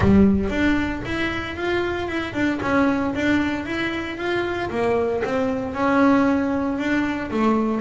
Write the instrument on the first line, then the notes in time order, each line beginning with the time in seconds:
double bass
0.00 G3
0.49 D4
1.05 E4
1.56 F4
2.08 E4
2.33 D4
2.62 C#4
3.14 D4
3.65 E4
4.17 F4
4.70 A#3
5.24 C4
5.73 C#4
6.78 D4
7.30 A3